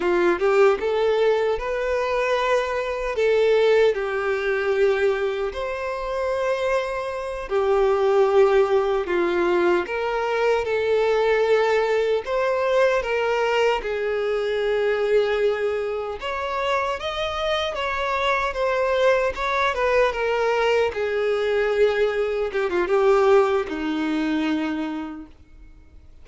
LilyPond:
\new Staff \with { instrumentName = "violin" } { \time 4/4 \tempo 4 = 76 f'8 g'8 a'4 b'2 | a'4 g'2 c''4~ | c''4. g'2 f'8~ | f'8 ais'4 a'2 c''8~ |
c''8 ais'4 gis'2~ gis'8~ | gis'8 cis''4 dis''4 cis''4 c''8~ | c''8 cis''8 b'8 ais'4 gis'4.~ | gis'8 g'16 f'16 g'4 dis'2 | }